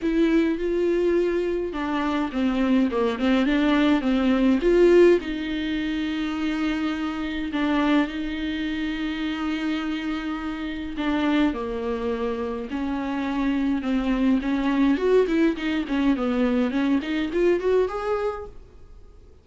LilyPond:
\new Staff \with { instrumentName = "viola" } { \time 4/4 \tempo 4 = 104 e'4 f'2 d'4 | c'4 ais8 c'8 d'4 c'4 | f'4 dis'2.~ | dis'4 d'4 dis'2~ |
dis'2. d'4 | ais2 cis'2 | c'4 cis'4 fis'8 e'8 dis'8 cis'8 | b4 cis'8 dis'8 f'8 fis'8 gis'4 | }